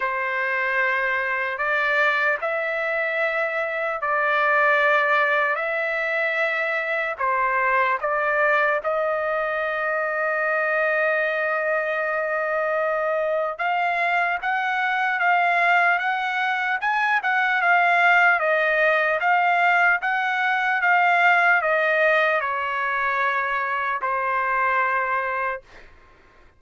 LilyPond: \new Staff \with { instrumentName = "trumpet" } { \time 4/4 \tempo 4 = 75 c''2 d''4 e''4~ | e''4 d''2 e''4~ | e''4 c''4 d''4 dis''4~ | dis''1~ |
dis''4 f''4 fis''4 f''4 | fis''4 gis''8 fis''8 f''4 dis''4 | f''4 fis''4 f''4 dis''4 | cis''2 c''2 | }